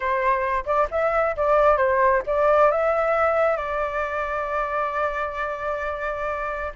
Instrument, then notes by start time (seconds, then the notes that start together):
flute
0.00 C5
0.65 D5
0.90 E5
1.36 D5
1.77 C5
2.26 D5
2.71 E5
3.56 D5